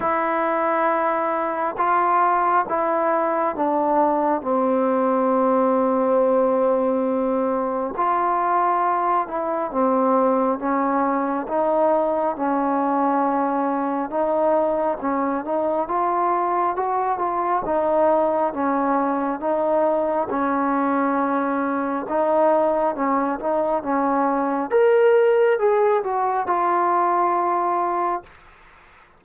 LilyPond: \new Staff \with { instrumentName = "trombone" } { \time 4/4 \tempo 4 = 68 e'2 f'4 e'4 | d'4 c'2.~ | c'4 f'4. e'8 c'4 | cis'4 dis'4 cis'2 |
dis'4 cis'8 dis'8 f'4 fis'8 f'8 | dis'4 cis'4 dis'4 cis'4~ | cis'4 dis'4 cis'8 dis'8 cis'4 | ais'4 gis'8 fis'8 f'2 | }